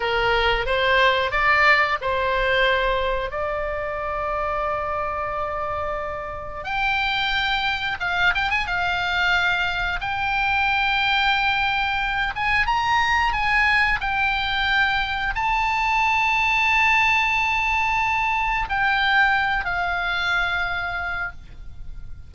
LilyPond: \new Staff \with { instrumentName = "oboe" } { \time 4/4 \tempo 4 = 90 ais'4 c''4 d''4 c''4~ | c''4 d''2.~ | d''2 g''2 | f''8 g''16 gis''16 f''2 g''4~ |
g''2~ g''8 gis''8 ais''4 | gis''4 g''2 a''4~ | a''1 | g''4. f''2~ f''8 | }